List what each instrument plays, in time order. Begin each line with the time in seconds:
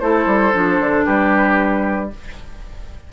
0.00 bassoon A3, clarinet E4, oboe A4, flute C5
0.26 bassoon G3
0.53 bassoon F3, clarinet D4
0.80 bassoon D3
1.05 bassoon G3, oboe G4, flute B4